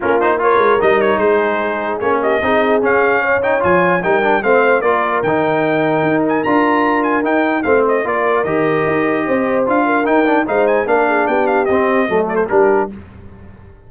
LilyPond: <<
  \new Staff \with { instrumentName = "trumpet" } { \time 4/4 \tempo 4 = 149 ais'8 c''8 cis''4 dis''8 cis''8 c''4~ | c''4 cis''8 dis''4. f''4~ | f''8 g''8 gis''4 g''4 f''4 | d''4 g''2~ g''8 gis''8 |
ais''4. gis''8 g''4 f''8 dis''8 | d''4 dis''2. | f''4 g''4 f''8 gis''8 f''4 | g''8 f''8 dis''4. d''16 c''16 ais'4 | }
  \new Staff \with { instrumentName = "horn" } { \time 4/4 f'4 ais'2 gis'4~ | gis'4. g'8 gis'2 | cis''2 ais'4 c''4 | ais'1~ |
ais'2. c''4 | ais'2. c''4~ | c''8 ais'4. c''4 ais'8 gis'8 | g'2 a'4 g'4 | }
  \new Staff \with { instrumentName = "trombone" } { \time 4/4 cis'8 dis'8 f'4 dis'2~ | dis'4 cis'4 dis'4 cis'4~ | cis'8 dis'8 f'4 dis'8 d'8 c'4 | f'4 dis'2. |
f'2 dis'4 c'4 | f'4 g'2. | f'4 dis'8 d'8 dis'4 d'4~ | d'4 c'4 a4 d'4 | }
  \new Staff \with { instrumentName = "tuba" } { \time 4/4 ais4. gis8 g4 gis4~ | gis4 ais4 c'4 cis'4~ | cis'4 f4 g4 a4 | ais4 dis2 dis'4 |
d'2 dis'4 a4 | ais4 dis4 dis'4 c'4 | d'4 dis'4 gis4 ais4 | b4 c'4 fis4 g4 | }
>>